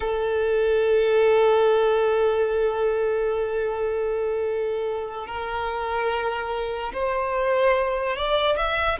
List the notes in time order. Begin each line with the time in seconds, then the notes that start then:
0.00 A4
5.26 A#4
6.93 C5
8.16 D5
8.57 E5